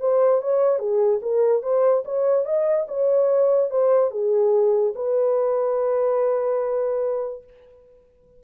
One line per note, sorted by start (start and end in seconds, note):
0.00 0.41 C5
0.41 0.78 C#5
0.78 1.20 G#4
1.22 1.62 A#4
1.62 2.04 C5
2.05 2.45 C#5
2.45 2.86 D#5
2.88 3.70 C#5
3.70 4.11 C5
4.11 4.93 G#4
4.95 7.44 B4